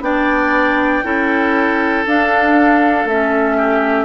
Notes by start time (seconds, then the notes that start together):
0.00 B3 D4 D5 G5
1.03 C#4 E4 A4
2.06 D4 F5
3.04 A3 C#4 E5
3.56 G4